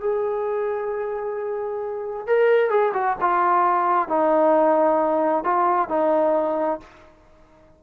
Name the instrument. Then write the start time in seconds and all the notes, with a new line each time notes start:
trombone
0.00 G#4
2.27 A#4
2.70 G#4
2.94 F#4
3.21 F4
4.08 D#4
5.44 F4
5.89 D#4